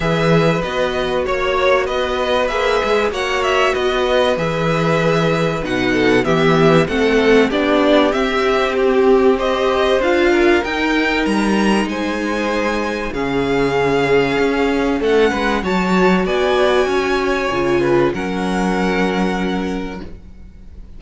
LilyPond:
<<
  \new Staff \with { instrumentName = "violin" } { \time 4/4 \tempo 4 = 96 e''4 dis''4 cis''4 dis''4 | e''4 fis''8 e''8 dis''4 e''4~ | e''4 fis''4 e''4 fis''4 | d''4 e''4 g'4 dis''4 |
f''4 g''4 ais''4 gis''4~ | gis''4 f''2. | fis''4 a''4 gis''2~ | gis''4 fis''2. | }
  \new Staff \with { instrumentName = "violin" } { \time 4/4 b'2 cis''4 b'4~ | b'4 cis''4 b'2~ | b'4. a'8 g'4 a'4 | g'2. c''4~ |
c''8 ais'2~ ais'8 c''4~ | c''4 gis'2. | a'8 b'8 cis''4 d''4 cis''4~ | cis''8 b'8 ais'2. | }
  \new Staff \with { instrumentName = "viola" } { \time 4/4 gis'4 fis'2. | gis'4 fis'2 gis'4~ | gis'4 dis'4 b4 c'4 | d'4 c'2 g'4 |
f'4 dis'2.~ | dis'4 cis'2.~ | cis'4 fis'2. | f'4 cis'2. | }
  \new Staff \with { instrumentName = "cello" } { \time 4/4 e4 b4 ais4 b4 | ais8 gis8 ais4 b4 e4~ | e4 b,4 e4 a4 | b4 c'2. |
d'4 dis'4 g4 gis4~ | gis4 cis2 cis'4 | a8 gis8 fis4 b4 cis'4 | cis4 fis2. | }
>>